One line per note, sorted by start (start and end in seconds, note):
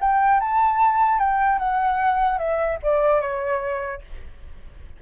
0.00 0.40 G5
0.40 1.19 A5
1.19 1.58 G5
1.58 2.38 F#5
2.38 2.78 E5
2.82 3.20 D5
3.20 4.01 C#5